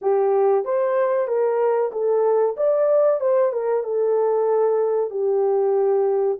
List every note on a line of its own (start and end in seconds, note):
0.01 0.64 G4
0.64 1.27 C5
1.27 1.91 A#4
1.91 2.55 A4
2.56 3.20 D5
3.20 3.52 C5
3.52 3.83 A#4
3.83 5.10 A4
5.10 6.37 G4